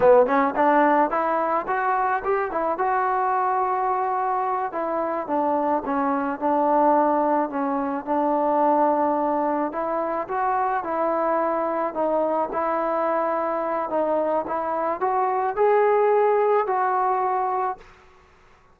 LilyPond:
\new Staff \with { instrumentName = "trombone" } { \time 4/4 \tempo 4 = 108 b8 cis'8 d'4 e'4 fis'4 | g'8 e'8 fis'2.~ | fis'8 e'4 d'4 cis'4 d'8~ | d'4. cis'4 d'4.~ |
d'4. e'4 fis'4 e'8~ | e'4. dis'4 e'4.~ | e'4 dis'4 e'4 fis'4 | gis'2 fis'2 | }